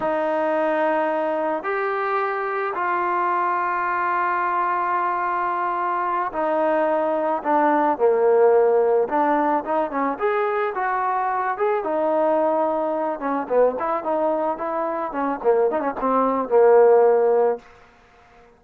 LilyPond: \new Staff \with { instrumentName = "trombone" } { \time 4/4 \tempo 4 = 109 dis'2. g'4~ | g'4 f'2.~ | f'2.~ f'8 dis'8~ | dis'4. d'4 ais4.~ |
ais8 d'4 dis'8 cis'8 gis'4 fis'8~ | fis'4 gis'8 dis'2~ dis'8 | cis'8 b8 e'8 dis'4 e'4 cis'8 | ais8 dis'16 cis'16 c'4 ais2 | }